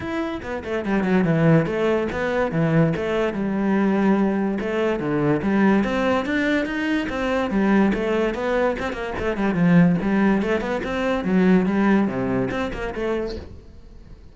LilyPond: \new Staff \with { instrumentName = "cello" } { \time 4/4 \tempo 4 = 144 e'4 b8 a8 g8 fis8 e4 | a4 b4 e4 a4 | g2. a4 | d4 g4 c'4 d'4 |
dis'4 c'4 g4 a4 | b4 c'8 ais8 a8 g8 f4 | g4 a8 b8 c'4 fis4 | g4 c4 c'8 ais8 a4 | }